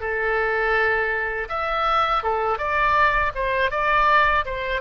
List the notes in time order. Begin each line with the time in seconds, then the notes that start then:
0.00 A4
1.49 E5
2.23 A4
2.58 D5
3.35 C5
3.71 D5
4.45 C5